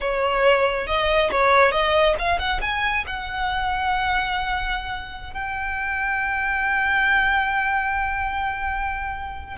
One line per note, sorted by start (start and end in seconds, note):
0.00 0.87 C#5
0.87 1.30 D#5
1.31 1.71 C#5
1.71 2.15 D#5
2.18 2.38 F5
2.38 2.60 F#5
2.61 3.04 G#5
3.06 5.33 F#5
5.33 9.57 G5